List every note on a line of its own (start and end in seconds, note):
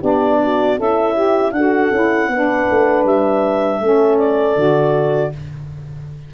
0.00 0.79 B3
0.00 0.77 D4
0.00 0.38 G4
0.00 0.80 D5
0.44 0.80 F#4
0.77 1.52 C#4
0.77 1.56 E4
0.77 1.14 A4
0.77 1.52 E5
1.14 1.52 G4
1.52 1.90 D4
1.52 1.93 F#4
1.52 2.31 A4
1.52 3.04 F#5
1.92 2.28 C#4
1.92 2.31 E4
2.28 2.66 B3
2.28 3.82 D4
2.28 3.82 B4
2.71 3.05 A3
3.05 3.81 G3
3.05 4.18 E5
3.81 4.57 A3
3.81 4.57 C#4
3.81 5.34 A4
4.18 5.32 D5
4.57 5.33 D3
4.57 5.33 F#4